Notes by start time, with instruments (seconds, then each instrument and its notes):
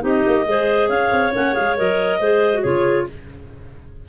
0.00 tuba C4, clarinet D#4 G4
0.07 clarinet D#5
0.27 tuba A#3
0.46 tuba G#3, clarinet G#4 C5
0.88 tuba C#4, clarinet C#5 F5
1.11 tuba C4
1.31 tuba A#3, clarinet C#4 F#5
1.53 tuba G#3, clarinet G#4 F5
1.76 tuba F#3, clarinet A#4 D#5
2.19 tuba G#3, clarinet G#4 C5
2.54 clarinet F#4
2.60 tuba C#3, clarinet F4 G#4 C#5